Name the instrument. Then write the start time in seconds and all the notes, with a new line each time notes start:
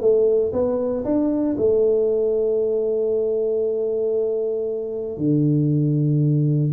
tuba
0.00 A3
0.52 B3
1.04 D4
1.57 A3
5.17 D3